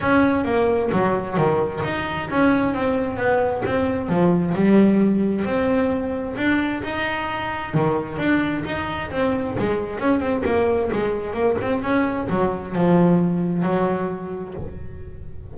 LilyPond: \new Staff \with { instrumentName = "double bass" } { \time 4/4 \tempo 4 = 132 cis'4 ais4 fis4 dis4 | dis'4 cis'4 c'4 b4 | c'4 f4 g2 | c'2 d'4 dis'4~ |
dis'4 dis4 d'4 dis'4 | c'4 gis4 cis'8 c'8 ais4 | gis4 ais8 c'8 cis'4 fis4 | f2 fis2 | }